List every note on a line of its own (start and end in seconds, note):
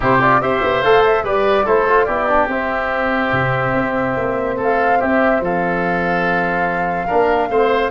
0.00 0.41 C3
0.00 0.19 E4
0.00 0.40 G4
0.00 0.21 C5
0.21 0.41 F4
0.21 0.41 D5
0.41 0.62 C4
0.41 0.82 G4
0.41 1.24 C5
0.41 0.82 E5
0.62 0.83 B3
0.82 1.23 A3
0.82 1.24 A4
0.82 1.03 F5
1.05 1.26 E5
1.23 1.65 G3
1.23 1.66 G4
1.23 1.64 B4
1.23 1.67 D5
1.64 2.08 A3
1.64 1.87 E4
1.64 2.05 A4
1.64 2.04 C5
1.88 2.08 F4
2.04 2.47 B3
2.04 2.28 E4
2.04 4.55 G4
2.04 2.46 D5
2.28 2.49 D4
2.47 3.31 C4
2.47 7.08 C4
2.47 4.58 E5
3.32 3.73 C3
3.74 4.15 C4
4.17 4.57 A#3
4.56 4.99 A3
4.56 4.98 A4
4.63 5.00 F5
4.99 5.40 C4
4.99 5.41 G4
4.99 5.42 E5
5.40 7.07 F3
5.40 7.06 A4
5.40 7.90 F5
7.06 7.49 A#3
7.06 7.49 D4
7.06 7.48 A#4
7.49 7.90 A3
7.49 7.90 C4
7.49 7.90 C5